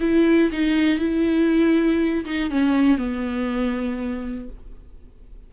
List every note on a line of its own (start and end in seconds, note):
0.00 0.50 E4
0.52 0.99 D#4
0.99 2.25 E4
2.25 2.50 D#4
2.50 2.97 C#4
2.97 4.48 B3